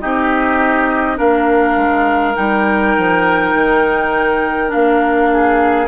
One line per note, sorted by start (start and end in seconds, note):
0.00 1.19 C4
0.00 1.16 D#4
0.00 1.17 G4
0.00 1.18 D#5
1.16 1.76 A#3
1.16 2.34 D4
1.16 5.29 A#4
1.16 2.35 F5
1.76 2.35 G#3
2.35 2.96 G3
2.35 4.68 D#4
2.35 4.71 G5
2.97 3.54 F3
3.54 4.72 D#3
4.68 5.85 D4
4.68 5.87 F5
4.74 5.87 A#3
5.32 5.87 G#4